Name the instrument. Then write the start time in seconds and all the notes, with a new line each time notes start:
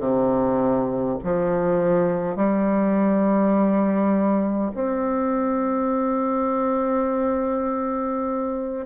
bassoon
0.00 C3
1.24 F3
2.36 G3
4.74 C4